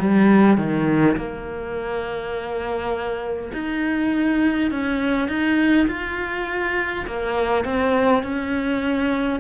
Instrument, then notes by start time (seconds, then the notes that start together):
cello
0.00 G3
0.58 D#3
1.17 A#3
3.53 D#4
4.71 C#4
5.29 D#4
5.88 F4
7.07 A#3
7.65 C4
8.24 C#4